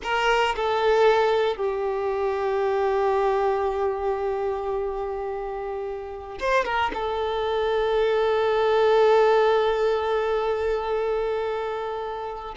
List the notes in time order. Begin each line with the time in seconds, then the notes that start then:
0.03 A#4
0.56 A4
1.56 G4
6.39 C5
6.65 A#4
6.94 A4